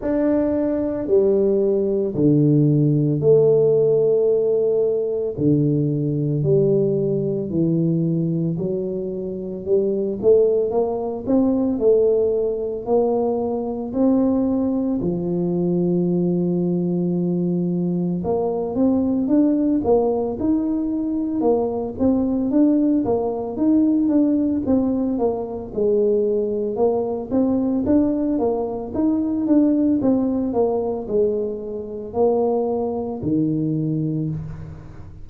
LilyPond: \new Staff \with { instrumentName = "tuba" } { \time 4/4 \tempo 4 = 56 d'4 g4 d4 a4~ | a4 d4 g4 e4 | fis4 g8 a8 ais8 c'8 a4 | ais4 c'4 f2~ |
f4 ais8 c'8 d'8 ais8 dis'4 | ais8 c'8 d'8 ais8 dis'8 d'8 c'8 ais8 | gis4 ais8 c'8 d'8 ais8 dis'8 d'8 | c'8 ais8 gis4 ais4 dis4 | }